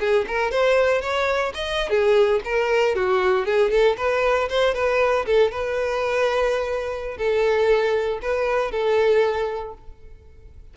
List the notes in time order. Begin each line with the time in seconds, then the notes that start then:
0.00 G#4
0.28 A#4
0.52 C5
1.02 C#5
1.54 D#5
1.90 G#4
2.45 A#4
2.96 F#4
3.46 G#4
3.71 A4
3.98 B4
4.49 C5
4.75 B4
5.26 A4
5.52 B4
7.18 A4
8.22 B4
8.72 A4